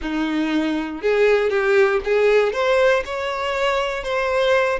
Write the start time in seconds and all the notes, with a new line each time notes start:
0.01 D#4
1.01 G#4
1.50 G4
2.04 G#4
2.52 C5
3.05 C#5
4.03 C5